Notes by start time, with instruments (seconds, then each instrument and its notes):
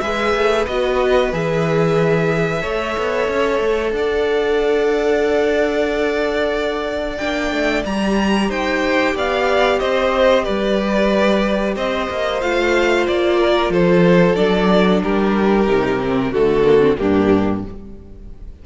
0.00 cello G#3, viola G#4, violin B4 E5
0.34 cello A3
0.66 cello B3, viola F#4, violin D#5
1.32 cello E3, viola G#4, violin E5
2.61 cello A3, viola A4, violin C#5
2.97 cello B3
3.28 cello C#4
3.59 cello A3
3.92 cello D4, violin D5 F#5
7.17 cello A#3, viola D4, violin G5
7.51 cello A3
7.85 cello G3, viola G4, violin A#5
8.49 cello D#4, violin C5 G5
9.15 cello B3, violin D5 F5
9.79 cello C4, violin C5 D#5
10.44 cello G3, violin B4 D5
11.76 cello C4, violin C5 D#5
12.10 cello A#3
12.41 cello A3, viola F4, violin F5
13.07 cello A#3, violin D5
13.39 violin A#4
13.69 cello F3, violin A4 C5
14.35 cello F#3, viola D4, violin D5
15.02 cello G3, violin G4 A#4
15.67 cello C3, viola D#4
16.00 viola C4
16.31 cello D3, viola A3, violin F#4 A4
16.64 viola A#3
16.80 viola C4
16.97 cello G2, viola A#3, violin D4 G4